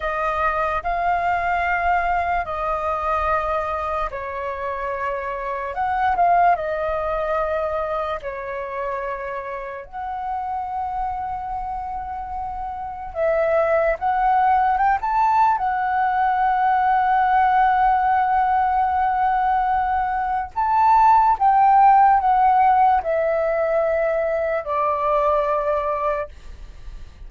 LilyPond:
\new Staff \with { instrumentName = "flute" } { \time 4/4 \tempo 4 = 73 dis''4 f''2 dis''4~ | dis''4 cis''2 fis''8 f''8 | dis''2 cis''2 | fis''1 |
e''4 fis''4 g''16 a''8. fis''4~ | fis''1~ | fis''4 a''4 g''4 fis''4 | e''2 d''2 | }